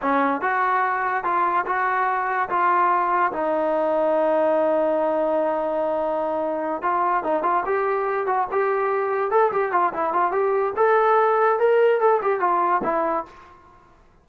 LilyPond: \new Staff \with { instrumentName = "trombone" } { \time 4/4 \tempo 4 = 145 cis'4 fis'2 f'4 | fis'2 f'2 | dis'1~ | dis'1~ |
dis'8 f'4 dis'8 f'8 g'4. | fis'8 g'2 a'8 g'8 f'8 | e'8 f'8 g'4 a'2 | ais'4 a'8 g'8 f'4 e'4 | }